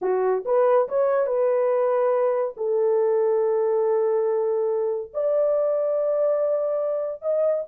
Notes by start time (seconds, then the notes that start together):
0.01 F#4
0.45 B4
0.88 C#5
1.26 B4
2.56 A4
5.13 D5
7.21 D#5